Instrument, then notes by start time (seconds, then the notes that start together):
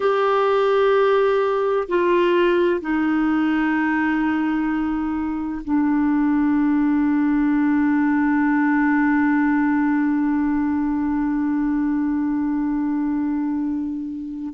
clarinet
0.00 G4
1.88 F4
2.80 D#4
5.64 D4